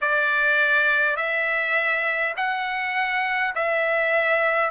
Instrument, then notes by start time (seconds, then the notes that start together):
trumpet
0.01 D5
1.16 E5
2.36 F#5
3.55 E5